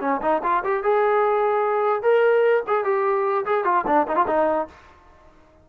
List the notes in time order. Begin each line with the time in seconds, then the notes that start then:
0.00 C#4
0.21 D#4
0.43 F4
0.64 G4
0.83 G#4
2.02 A#4
2.67 G#4
2.84 G4
3.45 G#4
3.64 F4
3.86 D4
4.07 D#4
4.16 F4
4.27 D#4